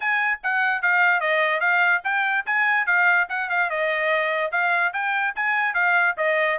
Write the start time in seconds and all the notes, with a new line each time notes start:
0.00 G#5
0.43 F#5
0.82 F5
1.20 D#5
1.60 F5
2.04 G5
2.46 G#5
2.86 F5
3.29 F#5
3.49 F5
3.70 D#5
4.51 F5
4.93 G5
5.35 G#5
5.74 F5
6.17 D#5